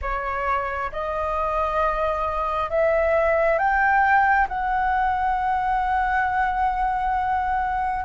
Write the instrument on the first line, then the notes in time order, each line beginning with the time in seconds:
flute
0.01 C#5
0.92 D#5
2.69 E5
3.58 G5
4.48 F#5